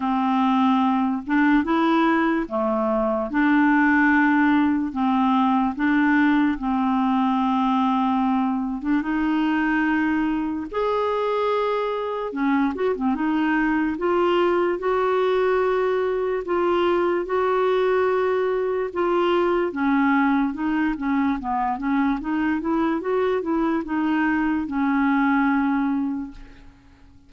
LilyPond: \new Staff \with { instrumentName = "clarinet" } { \time 4/4 \tempo 4 = 73 c'4. d'8 e'4 a4 | d'2 c'4 d'4 | c'2~ c'8. d'16 dis'4~ | dis'4 gis'2 cis'8 fis'16 c'16 |
dis'4 f'4 fis'2 | f'4 fis'2 f'4 | cis'4 dis'8 cis'8 b8 cis'8 dis'8 e'8 | fis'8 e'8 dis'4 cis'2 | }